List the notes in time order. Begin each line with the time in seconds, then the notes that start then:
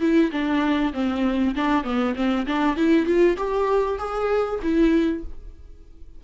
0.00 E4
0.31 D4
0.93 C4
1.55 D4
1.83 B3
2.15 C4
2.46 D4
2.76 E4
3.06 F4
3.37 G4
3.98 G#4
4.62 E4